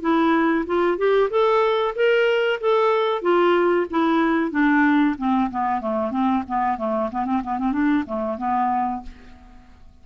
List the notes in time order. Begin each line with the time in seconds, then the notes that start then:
0.00 E4
0.66 F4
0.97 G4
1.30 A4
1.95 A#4
2.60 A4
3.21 F4
3.90 E4
4.51 D4
5.18 C4
5.50 B3
5.81 A3
6.11 C4
6.48 B3
6.77 A3
7.11 B3
7.25 C4
7.43 B3
7.58 C4
7.72 D4
8.06 A3
8.38 B3